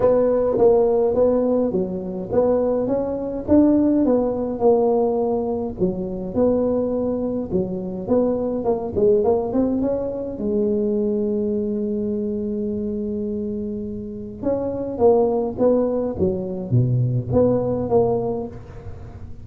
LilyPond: \new Staff \with { instrumentName = "tuba" } { \time 4/4 \tempo 4 = 104 b4 ais4 b4 fis4 | b4 cis'4 d'4 b4 | ais2 fis4 b4~ | b4 fis4 b4 ais8 gis8 |
ais8 c'8 cis'4 gis2~ | gis1~ | gis4 cis'4 ais4 b4 | fis4 b,4 b4 ais4 | }